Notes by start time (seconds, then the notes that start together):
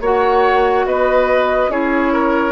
0.00 A#3 F#4 C#5 F#5
0.85 B3 B4 D#5
1.68 C#4 E4 G#4 C#5
2.12 A#4